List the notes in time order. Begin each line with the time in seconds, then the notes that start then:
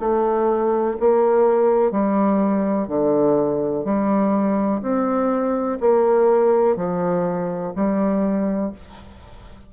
0.00 A3
1.00 A#3
1.92 G3
2.88 D3
3.85 G3
4.82 C4
5.80 A#3
6.77 F3
7.76 G3